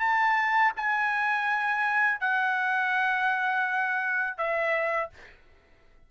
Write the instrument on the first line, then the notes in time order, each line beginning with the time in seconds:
trumpet
0.00 A5
0.77 G#5
2.20 F#5
4.38 E5